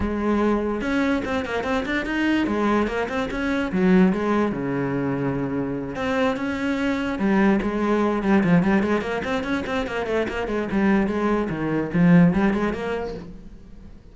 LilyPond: \new Staff \with { instrumentName = "cello" } { \time 4/4 \tempo 4 = 146 gis2 cis'4 c'8 ais8 | c'8 d'8 dis'4 gis4 ais8 c'8 | cis'4 fis4 gis4 cis4~ | cis2~ cis8 c'4 cis'8~ |
cis'4. g4 gis4. | g8 f8 g8 gis8 ais8 c'8 cis'8 c'8 | ais8 a8 ais8 gis8 g4 gis4 | dis4 f4 g8 gis8 ais4 | }